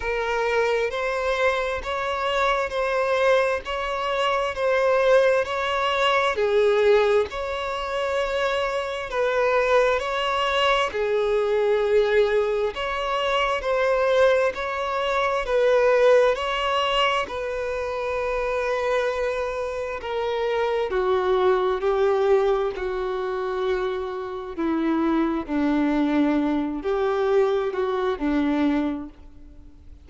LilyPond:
\new Staff \with { instrumentName = "violin" } { \time 4/4 \tempo 4 = 66 ais'4 c''4 cis''4 c''4 | cis''4 c''4 cis''4 gis'4 | cis''2 b'4 cis''4 | gis'2 cis''4 c''4 |
cis''4 b'4 cis''4 b'4~ | b'2 ais'4 fis'4 | g'4 fis'2 e'4 | d'4. g'4 fis'8 d'4 | }